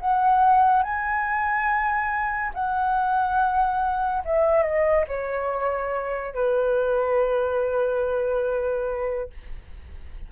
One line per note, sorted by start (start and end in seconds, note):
0.00 0.83 F#5
0.83 2.52 G#5
2.54 4.23 F#5
4.24 4.62 E5
4.62 5.05 D#5
5.07 6.34 C#5
6.34 9.30 B4